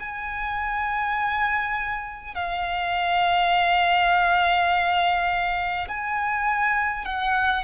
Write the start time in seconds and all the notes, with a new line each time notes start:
0.00 G#5
2.35 F5
5.88 G#5
7.05 F#5